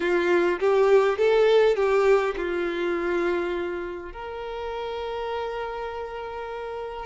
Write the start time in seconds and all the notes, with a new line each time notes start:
0.00 F4
0.59 G4
1.17 A4
1.76 G4
2.37 F4
4.12 A#4